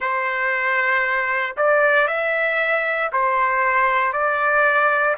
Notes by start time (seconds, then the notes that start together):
0.00 C5
1.57 D5
2.07 E5
3.12 C5
4.12 D5